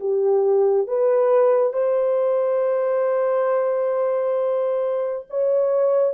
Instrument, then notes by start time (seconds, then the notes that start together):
horn
0.00 G4
0.88 B4
1.74 C5
5.30 C#5